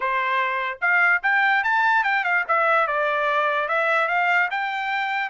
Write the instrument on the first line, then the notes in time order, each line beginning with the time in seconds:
trumpet
0.00 C5
0.81 F5
1.22 G5
1.63 A5
2.03 G5
2.24 F5
2.47 E5
2.87 D5
3.68 E5
4.07 F5
4.50 G5